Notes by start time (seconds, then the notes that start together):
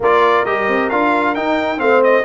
0.00 A#3 F4 A#4 D5
0.45 G3 G4 D#5
0.68 C4
0.89 D4 F4 F5
1.35 D#4 G5
1.77 A3 C4 C5 F5
2.03 D#5